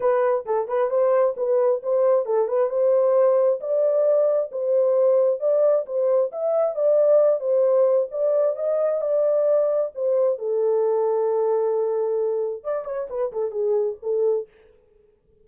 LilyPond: \new Staff \with { instrumentName = "horn" } { \time 4/4 \tempo 4 = 133 b'4 a'8 b'8 c''4 b'4 | c''4 a'8 b'8 c''2 | d''2 c''2 | d''4 c''4 e''4 d''4~ |
d''8 c''4. d''4 dis''4 | d''2 c''4 a'4~ | a'1 | d''8 cis''8 b'8 a'8 gis'4 a'4 | }